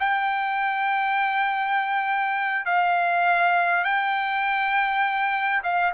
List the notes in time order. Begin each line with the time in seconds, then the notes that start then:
0.00 G5
2.66 F5
3.85 G5
5.64 F5